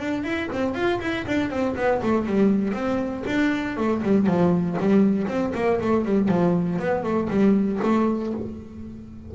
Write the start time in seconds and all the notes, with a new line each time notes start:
0.00 D4
0.24 E4
0.53 C4
0.75 F4
1.01 E4
1.27 D4
1.51 C4
1.76 B3
2.03 A3
2.26 G3
2.74 C4
3.27 D4
3.77 A3
4.03 G3
4.27 F3
4.80 G3
5.28 C4
5.55 A#3
5.82 A3
6.05 G3
6.29 F3
6.79 B3
7.04 A3
7.30 G3
7.83 A3